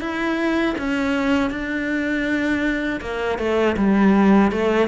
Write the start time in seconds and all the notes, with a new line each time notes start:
0.00 E4
0.78 C#4
1.50 D4
3.00 A#3
3.38 A3
3.76 G3
4.51 A3